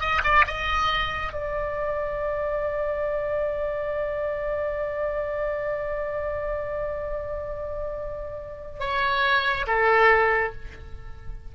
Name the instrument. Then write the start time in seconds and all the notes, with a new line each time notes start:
oboe
0.00 D#5
0.23 D5
0.47 D#5
1.32 D5
8.80 C#5
9.67 A4